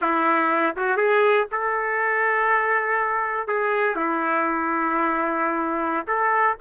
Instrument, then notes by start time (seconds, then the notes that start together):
trumpet
0.01 E4
0.76 F#4
0.96 G#4
1.51 A4
3.47 G#4
3.95 E4
6.07 A4